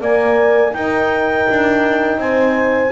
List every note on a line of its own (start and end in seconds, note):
0.00 0.74 A#3
0.00 0.71 A#4
0.00 0.75 D5
0.00 0.73 G#5
0.71 2.90 D#4
0.71 1.47 D#4
0.71 2.20 A#4
0.71 2.19 G5
1.49 2.17 D4
2.17 2.90 C4
2.17 2.91 C5
2.17 2.91 G#5